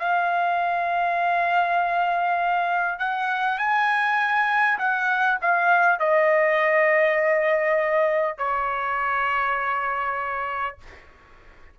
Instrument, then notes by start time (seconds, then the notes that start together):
trumpet
0.00 F5
2.99 F#5
3.58 G#5
4.79 F#5
5.42 F5
6.00 D#5
8.38 C#5